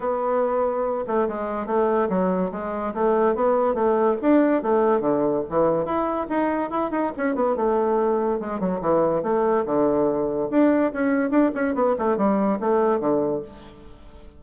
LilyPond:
\new Staff \with { instrumentName = "bassoon" } { \time 4/4 \tempo 4 = 143 b2~ b8 a8 gis4 | a4 fis4 gis4 a4 | b4 a4 d'4 a4 | d4 e4 e'4 dis'4 |
e'8 dis'8 cis'8 b8 a2 | gis8 fis8 e4 a4 d4~ | d4 d'4 cis'4 d'8 cis'8 | b8 a8 g4 a4 d4 | }